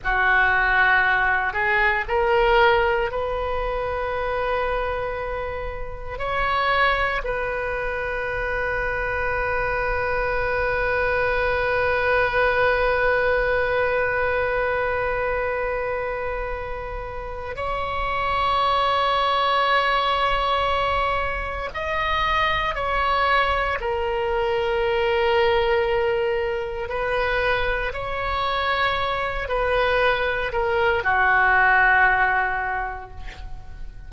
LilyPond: \new Staff \with { instrumentName = "oboe" } { \time 4/4 \tempo 4 = 58 fis'4. gis'8 ais'4 b'4~ | b'2 cis''4 b'4~ | b'1~ | b'1~ |
b'4 cis''2.~ | cis''4 dis''4 cis''4 ais'4~ | ais'2 b'4 cis''4~ | cis''8 b'4 ais'8 fis'2 | }